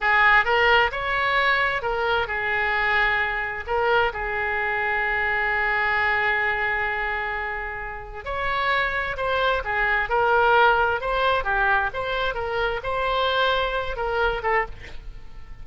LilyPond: \new Staff \with { instrumentName = "oboe" } { \time 4/4 \tempo 4 = 131 gis'4 ais'4 cis''2 | ais'4 gis'2. | ais'4 gis'2.~ | gis'1~ |
gis'2 cis''2 | c''4 gis'4 ais'2 | c''4 g'4 c''4 ais'4 | c''2~ c''8 ais'4 a'8 | }